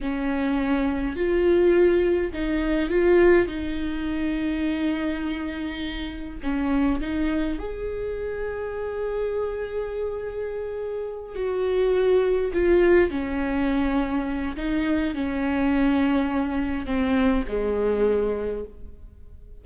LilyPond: \new Staff \with { instrumentName = "viola" } { \time 4/4 \tempo 4 = 103 cis'2 f'2 | dis'4 f'4 dis'2~ | dis'2. cis'4 | dis'4 gis'2.~ |
gis'2.~ gis'8 fis'8~ | fis'4. f'4 cis'4.~ | cis'4 dis'4 cis'2~ | cis'4 c'4 gis2 | }